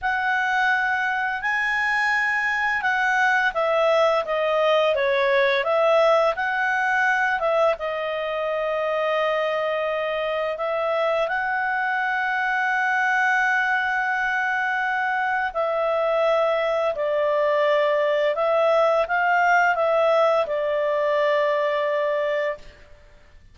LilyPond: \new Staff \with { instrumentName = "clarinet" } { \time 4/4 \tempo 4 = 85 fis''2 gis''2 | fis''4 e''4 dis''4 cis''4 | e''4 fis''4. e''8 dis''4~ | dis''2. e''4 |
fis''1~ | fis''2 e''2 | d''2 e''4 f''4 | e''4 d''2. | }